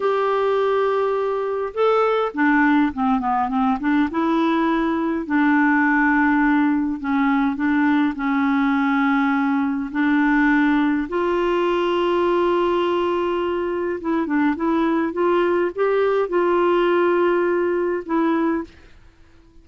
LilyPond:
\new Staff \with { instrumentName = "clarinet" } { \time 4/4 \tempo 4 = 103 g'2. a'4 | d'4 c'8 b8 c'8 d'8 e'4~ | e'4 d'2. | cis'4 d'4 cis'2~ |
cis'4 d'2 f'4~ | f'1 | e'8 d'8 e'4 f'4 g'4 | f'2. e'4 | }